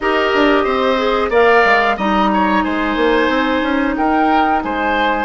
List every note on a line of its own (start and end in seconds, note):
0.00 0.33 D#4
0.00 0.97 G4
0.00 0.63 A#4
0.00 1.31 D#5
0.34 0.65 D4
0.63 1.30 C4
0.63 1.29 C5
0.97 1.30 G#4
1.30 1.62 A#3
1.30 1.97 A#4
1.30 1.95 D5
1.30 1.97 F5
1.64 1.97 G#3
1.96 2.63 G3
1.96 5.24 D#4
1.96 2.29 D#5
1.96 2.63 A#5
2.33 2.64 C#5
2.63 2.96 G#3
2.63 3.96 C5
2.63 3.95 G#5
2.96 3.28 A#3
3.28 3.61 C4
3.62 3.95 C#4
3.95 4.64 D#4
3.95 4.63 A#4
3.95 4.61 G5
4.62 5.24 G#3
4.62 5.24 C5
4.62 5.24 G#5